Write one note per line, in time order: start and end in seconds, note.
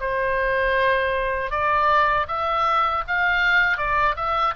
0.00 1.50 C5
1.50 2.26 D5
2.28 3.03 E5
3.07 3.77 F5
3.77 4.15 D5
4.16 4.54 E5